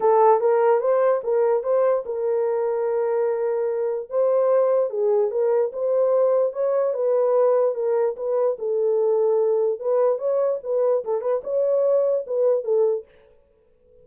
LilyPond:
\new Staff \with { instrumentName = "horn" } { \time 4/4 \tempo 4 = 147 a'4 ais'4 c''4 ais'4 | c''4 ais'2.~ | ais'2 c''2 | gis'4 ais'4 c''2 |
cis''4 b'2 ais'4 | b'4 a'2. | b'4 cis''4 b'4 a'8 b'8 | cis''2 b'4 a'4 | }